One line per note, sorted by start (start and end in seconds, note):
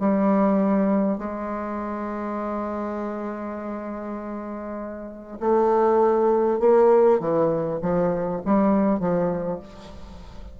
0.00 1.18 G3
1.18 5.38 G#3
5.41 6.60 A3
6.60 7.20 A#3
7.20 7.80 E3
7.82 8.42 F3
8.45 9.00 G3
9.00 9.60 F3